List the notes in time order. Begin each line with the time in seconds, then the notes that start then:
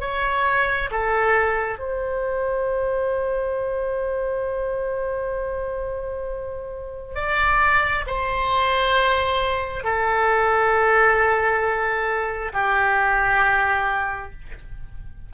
0.00 C#5
0.91 A4
1.79 C5
7.15 D5
8.06 C5
9.83 A4
12.53 G4